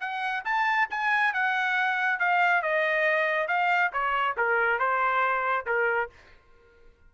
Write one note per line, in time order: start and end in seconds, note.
0.00 0.43 F#5
0.44 0.88 A5
0.90 1.33 G#5
1.33 2.19 F#5
2.19 2.62 F5
2.62 3.48 D#5
3.48 3.91 F5
3.92 4.36 C#5
4.37 4.79 A#4
4.79 5.66 C5
5.66 6.09 A#4